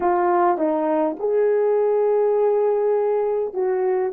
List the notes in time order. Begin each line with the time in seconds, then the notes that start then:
0.00 F4
0.57 D#4
1.19 G#4
3.53 F#4